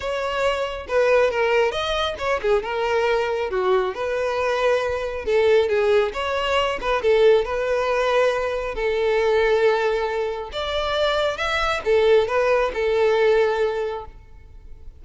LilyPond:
\new Staff \with { instrumentName = "violin" } { \time 4/4 \tempo 4 = 137 cis''2 b'4 ais'4 | dis''4 cis''8 gis'8 ais'2 | fis'4 b'2. | a'4 gis'4 cis''4. b'8 |
a'4 b'2. | a'1 | d''2 e''4 a'4 | b'4 a'2. | }